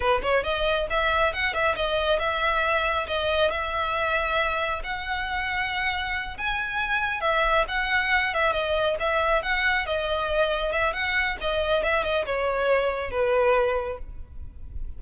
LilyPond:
\new Staff \with { instrumentName = "violin" } { \time 4/4 \tempo 4 = 137 b'8 cis''8 dis''4 e''4 fis''8 e''8 | dis''4 e''2 dis''4 | e''2. fis''4~ | fis''2~ fis''8 gis''4.~ |
gis''8 e''4 fis''4. e''8 dis''8~ | dis''8 e''4 fis''4 dis''4.~ | dis''8 e''8 fis''4 dis''4 e''8 dis''8 | cis''2 b'2 | }